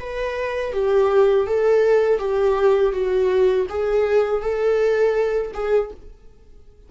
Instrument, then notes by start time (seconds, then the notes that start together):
viola
0.00 B4
0.73 G4
1.47 A4
2.19 G4
2.93 F#4
3.69 G#4
4.41 A4
5.54 G#4